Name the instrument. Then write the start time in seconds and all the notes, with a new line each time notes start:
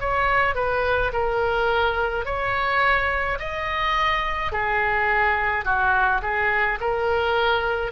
oboe
0.00 C#5
0.55 B4
1.13 A#4
2.25 C#5
3.39 D#5
4.52 G#4
5.64 F#4
6.22 G#4
6.80 A#4